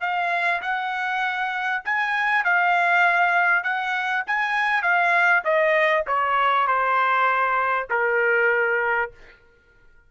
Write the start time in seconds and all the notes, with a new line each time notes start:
0.00 F5
0.61 F#5
1.84 G#5
2.44 F5
3.63 F#5
4.26 G#5
4.82 F5
5.44 D#5
6.06 C#5
6.67 C5
7.90 A#4